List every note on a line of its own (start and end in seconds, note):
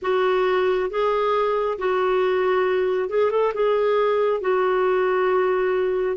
0.02 0.89 F#4
0.89 1.78 G#4
1.78 3.09 F#4
3.09 3.30 G#4
3.30 3.53 A4
3.53 4.40 G#4
4.40 6.16 F#4